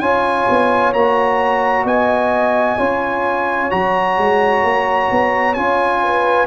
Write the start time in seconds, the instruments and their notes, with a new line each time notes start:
0.00 tuba C#4, trombone F4, horn C#5, trumpet G#5
0.49 tuba B3
0.93 tuba A#3, trombone F#4, trumpet A#5
1.85 tuba B3, horn D#5, trumpet G#5
2.77 tuba C#4, trombone F4, horn C#5
3.70 tuba F#3, trombone F#4, trumpet A#5
4.18 tuba G#3
4.64 tuba A#3
5.11 tuba B3
5.54 tuba C#4, trombone F4, trumpet G#5
6.03 horn B4